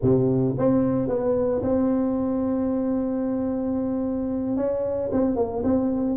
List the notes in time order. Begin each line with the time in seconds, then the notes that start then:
0.01 C3
0.57 C4
1.08 B3
1.62 C4
4.56 C#4
5.12 C4
5.35 A#3
5.63 C4